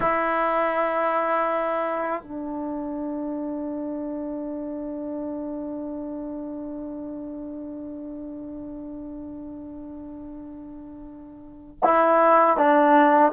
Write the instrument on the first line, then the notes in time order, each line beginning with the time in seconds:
trombone
0.00 E4
2.23 D4
11.83 E4
12.57 D4